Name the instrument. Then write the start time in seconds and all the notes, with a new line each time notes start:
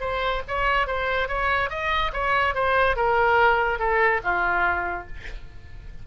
oboe
0.00 C5
0.48 C#5
0.87 C5
1.28 C#5
1.70 D#5
2.13 C#5
2.55 C5
2.96 A#4
3.79 A4
4.24 F4